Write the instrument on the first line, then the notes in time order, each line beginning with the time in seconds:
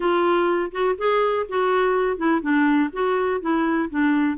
clarinet
0.00 F4
0.71 F#4
0.98 G#4
1.49 F#4
2.17 E4
2.41 D4
2.92 F#4
3.40 E4
3.90 D4